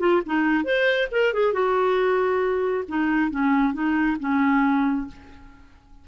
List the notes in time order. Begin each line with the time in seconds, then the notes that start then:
0.00 F4
0.26 D#4
0.64 C5
1.11 A#4
1.33 G#4
1.53 F#4
2.88 D#4
3.31 C#4
3.73 D#4
4.20 C#4